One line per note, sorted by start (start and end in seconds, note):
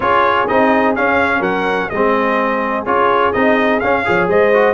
0.00 0.48 C#4
0.00 0.47 F4
0.00 1.39 G#4
0.00 0.47 C#5
0.47 0.97 C4
0.47 0.95 D#4
0.47 0.95 D#5
0.95 1.91 C#4
0.95 1.40 C#4
0.95 1.42 F5
1.39 1.87 F#3
1.39 1.87 A#4
1.39 1.89 F#5
1.89 2.86 G#3
1.89 2.85 C4
1.89 4.05 G#4
1.89 2.84 D#5
2.85 3.33 C#4
2.85 3.33 F4
2.85 3.32 C#5
3.32 3.82 C4
3.32 3.81 D#4
3.32 3.79 D#5
3.79 4.04 C#4
3.79 4.07 C#4
3.79 4.27 F5
4.04 4.28 F3
4.04 4.52 G#4
4.04 4.29 C#5
4.28 4.74 G#3
4.28 4.74 C5
4.28 4.74 D#5
4.53 4.74 F#4